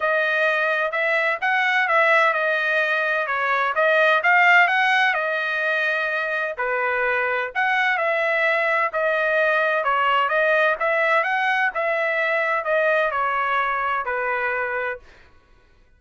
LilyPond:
\new Staff \with { instrumentName = "trumpet" } { \time 4/4 \tempo 4 = 128 dis''2 e''4 fis''4 | e''4 dis''2 cis''4 | dis''4 f''4 fis''4 dis''4~ | dis''2 b'2 |
fis''4 e''2 dis''4~ | dis''4 cis''4 dis''4 e''4 | fis''4 e''2 dis''4 | cis''2 b'2 | }